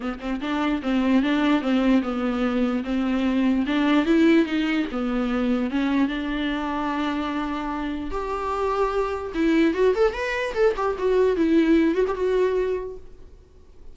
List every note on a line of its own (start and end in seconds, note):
0.00 0.19 B3
0.20 0.40 C4
0.41 0.81 D4
0.82 1.23 C4
1.23 1.61 D4
1.61 2.02 C4
2.02 2.83 B3
2.84 3.65 C4
3.66 4.05 D4
4.05 4.45 E4
4.45 4.86 D#4
4.91 5.70 B3
5.70 6.08 C#4
6.08 8.10 D4
8.10 9.32 G4
9.34 9.74 E4
9.74 9.94 F#4
9.95 10.13 A4
10.13 10.53 B4
10.54 10.74 A4
10.76 10.96 G4
10.98 11.36 F#4
11.36 11.94 E4
11.94 12.05 F#4
12.07 12.14 G4
12.14 12.95 F#4